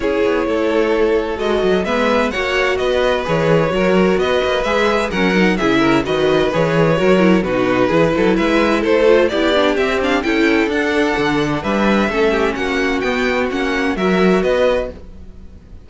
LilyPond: <<
  \new Staff \with { instrumentName = "violin" } { \time 4/4 \tempo 4 = 129 cis''2. dis''4 | e''4 fis''4 dis''4 cis''4~ | cis''4 dis''4 e''4 fis''4 | e''4 dis''4 cis''2 |
b'2 e''4 c''4 | d''4 e''8 f''8 g''4 fis''4~ | fis''4 e''2 fis''4 | g''4 fis''4 e''4 dis''4 | }
  \new Staff \with { instrumentName = "violin" } { \time 4/4 gis'4 a'2. | b'4 cis''4 b'2 | ais'4 b'2 ais'4 | gis'8 ais'8 b'2 ais'4 |
fis'4 gis'8 a'8 b'4 a'4 | g'2 a'2~ | a'4 b'4 a'8 g'8 fis'4~ | fis'2 ais'4 b'4 | }
  \new Staff \with { instrumentName = "viola" } { \time 4/4 e'2. fis'4 | b4 fis'2 gis'4 | fis'2 gis'4 cis'8 dis'8 | e'4 fis'4 gis'4 fis'8 e'8 |
dis'4 e'2~ e'8 f'8 | e'8 d'8 c'8 d'8 e'4 d'4~ | d'2 cis'2 | b4 cis'4 fis'2 | }
  \new Staff \with { instrumentName = "cello" } { \time 4/4 cis'8 b8 a2 gis8 fis8 | gis4 ais4 b4 e4 | fis4 b8 ais8 gis4 fis4 | cis4 dis4 e4 fis4 |
b,4 e8 fis8 gis4 a4 | b4 c'4 cis'4 d'4 | d4 g4 a4 ais4 | b4 ais4 fis4 b4 | }
>>